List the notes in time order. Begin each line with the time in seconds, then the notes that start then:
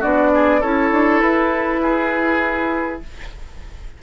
0.00 B3 D4 F#4 D5
0.35 G#4
0.60 C#4 E4 A4 C#5
0.92 D4
1.21 E4 B4
1.83 G#4